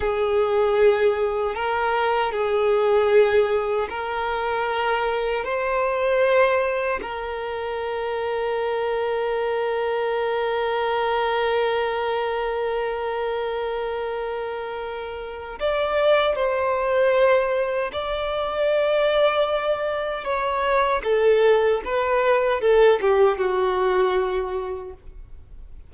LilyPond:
\new Staff \with { instrumentName = "violin" } { \time 4/4 \tempo 4 = 77 gis'2 ais'4 gis'4~ | gis'4 ais'2 c''4~ | c''4 ais'2.~ | ais'1~ |
ais'1 | d''4 c''2 d''4~ | d''2 cis''4 a'4 | b'4 a'8 g'8 fis'2 | }